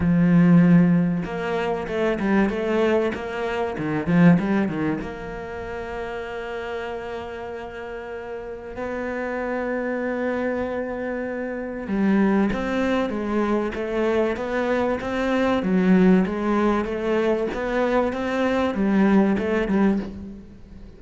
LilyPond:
\new Staff \with { instrumentName = "cello" } { \time 4/4 \tempo 4 = 96 f2 ais4 a8 g8 | a4 ais4 dis8 f8 g8 dis8 | ais1~ | ais2 b2~ |
b2. g4 | c'4 gis4 a4 b4 | c'4 fis4 gis4 a4 | b4 c'4 g4 a8 g8 | }